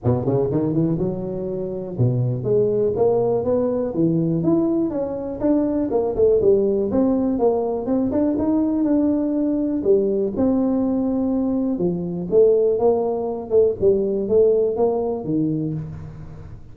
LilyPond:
\new Staff \with { instrumentName = "tuba" } { \time 4/4 \tempo 4 = 122 b,8 cis8 dis8 e8 fis2 | b,4 gis4 ais4 b4 | e4 e'4 cis'4 d'4 | ais8 a8 g4 c'4 ais4 |
c'8 d'8 dis'4 d'2 | g4 c'2. | f4 a4 ais4. a8 | g4 a4 ais4 dis4 | }